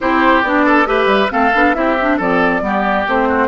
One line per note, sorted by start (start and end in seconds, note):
0.00 0.43 C4
0.00 0.44 E4
0.00 0.65 G4
0.00 0.43 C5
0.43 0.85 B3
0.43 0.85 D4
0.43 0.86 D5
0.65 0.87 A4
0.85 1.05 A3
0.85 1.29 G4
0.85 1.32 B4
0.85 1.30 E5
1.05 1.27 G3
1.29 1.54 A3
1.29 1.51 C4
1.29 1.76 A4
1.29 1.74 F5
1.54 1.75 B3
1.54 1.74 D4
1.74 2.19 C4
1.74 1.96 E4
1.74 2.17 G4
1.74 2.18 E5
2.01 2.20 D4
2.17 2.61 F3
2.17 2.61 C4
2.17 2.60 A4
2.17 3.08 D5
2.61 3.05 G3
2.61 3.05 B3
2.61 3.28 G4
3.07 3.47 A3
3.07 3.47 C4
3.07 3.47 C5
3.28 3.47 F#4